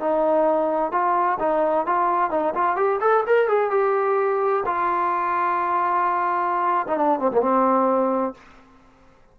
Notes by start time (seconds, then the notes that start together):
0.00 D#4
0.92 F4
1.40 D#4
1.86 F4
2.31 D#4
2.55 F4
2.76 G4
3.01 A4
3.27 A#4
3.48 G#4
3.71 G4
4.66 F4
6.87 D#4
6.97 D4
7.20 C4
7.32 A#3
7.41 C4